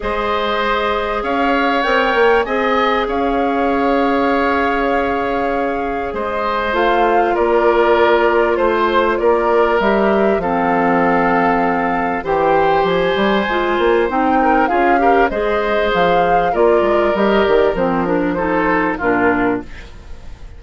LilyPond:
<<
  \new Staff \with { instrumentName = "flute" } { \time 4/4 \tempo 4 = 98 dis''2 f''4 g''4 | gis''4 f''2.~ | f''2 dis''4 f''4 | d''2 c''4 d''4 |
e''4 f''2. | g''4 gis''2 g''4 | f''4 dis''4 f''4 d''4 | dis''8 d''8 c''8 ais'8 c''4 ais'4 | }
  \new Staff \with { instrumentName = "oboe" } { \time 4/4 c''2 cis''2 | dis''4 cis''2.~ | cis''2 c''2 | ais'2 c''4 ais'4~ |
ais'4 a'2. | c''2.~ c''8 ais'8 | gis'8 ais'8 c''2 ais'4~ | ais'2 a'4 f'4 | }
  \new Staff \with { instrumentName = "clarinet" } { \time 4/4 gis'2. ais'4 | gis'1~ | gis'2. f'4~ | f'1 |
g'4 c'2. | g'2 f'4 dis'4 | f'8 g'8 gis'2 f'4 | g'4 c'8 d'8 dis'4 d'4 | }
  \new Staff \with { instrumentName = "bassoon" } { \time 4/4 gis2 cis'4 c'8 ais8 | c'4 cis'2.~ | cis'2 gis4 a4 | ais2 a4 ais4 |
g4 f2. | e4 f8 g8 gis8 ais8 c'4 | cis'4 gis4 f4 ais8 gis8 | g8 dis8 f2 ais,4 | }
>>